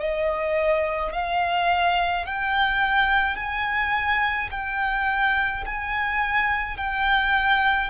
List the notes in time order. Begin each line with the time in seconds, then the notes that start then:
0.00 D#5
1.13 F5
2.26 G5
3.37 G#5
4.51 G5
5.66 G#5
6.77 G5